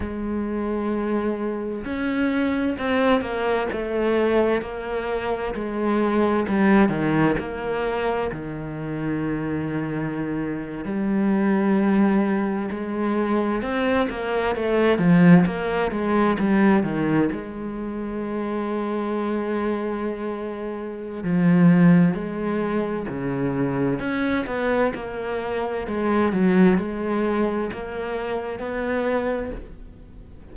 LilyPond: \new Staff \with { instrumentName = "cello" } { \time 4/4 \tempo 4 = 65 gis2 cis'4 c'8 ais8 | a4 ais4 gis4 g8 dis8 | ais4 dis2~ dis8. g16~ | g4.~ g16 gis4 c'8 ais8 a16~ |
a16 f8 ais8 gis8 g8 dis8 gis4~ gis16~ | gis2. f4 | gis4 cis4 cis'8 b8 ais4 | gis8 fis8 gis4 ais4 b4 | }